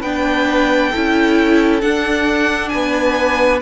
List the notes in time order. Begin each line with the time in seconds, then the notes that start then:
0.00 B3 D4 B4 G5
0.91 C#4 E4 A4
1.81 D4 F#5
2.69 B3 B4 G#5